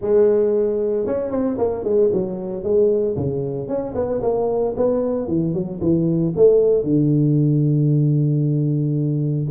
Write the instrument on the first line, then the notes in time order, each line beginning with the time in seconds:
tuba
0.01 G#3
1.06 C#4
1.31 C4
1.58 A#3
1.84 G#3
2.12 F#3
2.63 G#3
3.16 C#3
3.67 C#4
3.94 B3
4.22 A#3
4.76 B3
5.27 E3
5.53 F#3
5.80 E3
6.35 A3
6.83 D3